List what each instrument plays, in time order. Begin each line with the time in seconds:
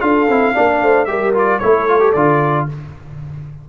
0.00 tuba D4, trombone F4, horn A4, trumpet F5
0.29 tuba C4, trombone E4
0.54 tuba A#3, trombone D4, horn D5
0.82 tuba A3, horn C5
1.05 tuba G3, trombone G4, horn A#4, trumpet E5
1.34 trombone F4, trumpet D5
1.59 tuba A3, trombone E4, horn A4, trumpet C#5
1.88 trombone F4
2.00 trombone G4
2.13 tuba D3, trombone F4, trumpet D5